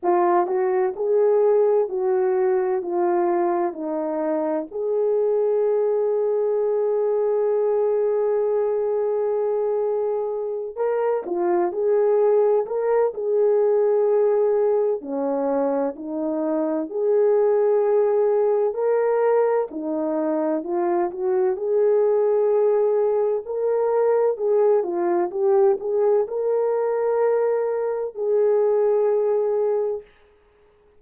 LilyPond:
\new Staff \with { instrumentName = "horn" } { \time 4/4 \tempo 4 = 64 f'8 fis'8 gis'4 fis'4 f'4 | dis'4 gis'2.~ | gis'2.~ gis'8 ais'8 | f'8 gis'4 ais'8 gis'2 |
cis'4 dis'4 gis'2 | ais'4 dis'4 f'8 fis'8 gis'4~ | gis'4 ais'4 gis'8 f'8 g'8 gis'8 | ais'2 gis'2 | }